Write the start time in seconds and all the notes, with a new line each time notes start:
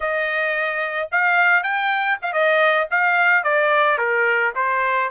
0.00 D#5
1.11 F5
1.63 G5
2.22 F5
2.32 D#5
2.90 F5
3.43 D5
3.98 A#4
4.55 C5